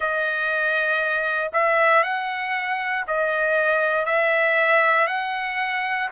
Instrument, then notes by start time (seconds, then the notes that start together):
trumpet
0.00 D#5
1.53 E5
2.03 F#5
3.07 D#5
4.05 E5
5.07 F#5